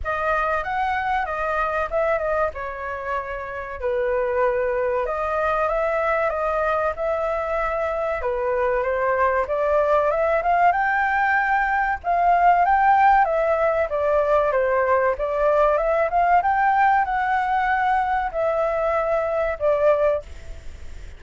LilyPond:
\new Staff \with { instrumentName = "flute" } { \time 4/4 \tempo 4 = 95 dis''4 fis''4 dis''4 e''8 dis''8 | cis''2 b'2 | dis''4 e''4 dis''4 e''4~ | e''4 b'4 c''4 d''4 |
e''8 f''8 g''2 f''4 | g''4 e''4 d''4 c''4 | d''4 e''8 f''8 g''4 fis''4~ | fis''4 e''2 d''4 | }